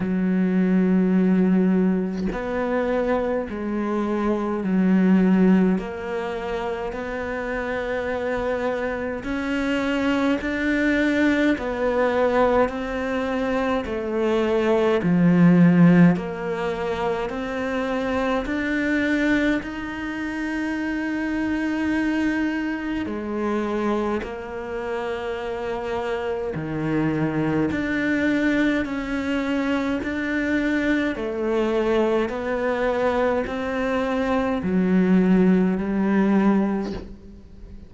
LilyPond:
\new Staff \with { instrumentName = "cello" } { \time 4/4 \tempo 4 = 52 fis2 b4 gis4 | fis4 ais4 b2 | cis'4 d'4 b4 c'4 | a4 f4 ais4 c'4 |
d'4 dis'2. | gis4 ais2 dis4 | d'4 cis'4 d'4 a4 | b4 c'4 fis4 g4 | }